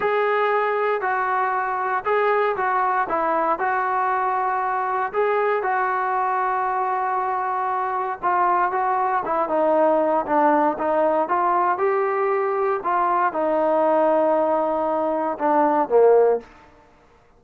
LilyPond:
\new Staff \with { instrumentName = "trombone" } { \time 4/4 \tempo 4 = 117 gis'2 fis'2 | gis'4 fis'4 e'4 fis'4~ | fis'2 gis'4 fis'4~ | fis'1 |
f'4 fis'4 e'8 dis'4. | d'4 dis'4 f'4 g'4~ | g'4 f'4 dis'2~ | dis'2 d'4 ais4 | }